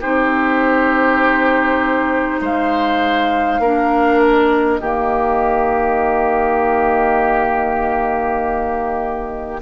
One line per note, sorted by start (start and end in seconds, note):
0.00 2.41 C4
0.00 3.62 D#4
0.00 2.40 G4
0.00 2.42 C5
2.41 3.59 G#3
2.41 3.61 C5
2.41 4.21 F5
3.59 4.79 A#3
3.59 4.79 D4
3.59 4.80 A#4
4.21 9.61 D#5
4.79 9.60 D#3
4.79 9.59 A#3
4.79 9.60 G4